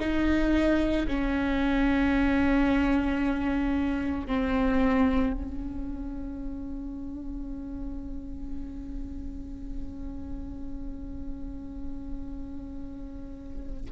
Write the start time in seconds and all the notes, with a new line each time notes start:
0.00 D#4
1.08 C#4
4.27 C4
5.33 C#4